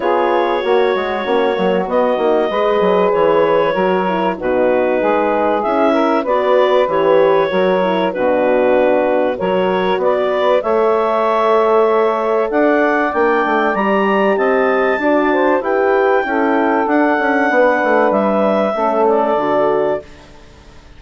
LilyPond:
<<
  \new Staff \with { instrumentName = "clarinet" } { \time 4/4 \tempo 4 = 96 cis''2. dis''4~ | dis''4 cis''2 b'4~ | b'4 e''4 d''4 cis''4~ | cis''4 b'2 cis''4 |
d''4 e''2. | fis''4 g''4 ais''4 a''4~ | a''4 g''2 fis''4~ | fis''4 e''4. d''4. | }
  \new Staff \with { instrumentName = "saxophone" } { \time 4/4 gis'4 fis'2. | b'2 ais'4 fis'4 | gis'4. ais'8 b'2 | ais'4 fis'2 ais'4 |
b'4 cis''2. | d''2. dis''4 | d''8 c''8 b'4 a'2 | b'2 a'2 | }
  \new Staff \with { instrumentName = "horn" } { \time 4/4 f'4 fis'4 cis'8 ais8 b8 dis'8 | gis'2 fis'8 e'8 dis'4~ | dis'4 e'4 fis'4 g'4 | fis'8 e'8 d'2 fis'4~ |
fis'4 a'2.~ | a'4 d'4 g'2 | fis'4 g'4 e'4 d'4~ | d'2 cis'4 fis'4 | }
  \new Staff \with { instrumentName = "bassoon" } { \time 4/4 b4 ais8 gis8 ais8 fis8 b8 ais8 | gis8 fis8 e4 fis4 b,4 | gis4 cis'4 b4 e4 | fis4 b,2 fis4 |
b4 a2. | d'4 ais8 a8 g4 c'4 | d'4 e'4 cis'4 d'8 cis'8 | b8 a8 g4 a4 d4 | }
>>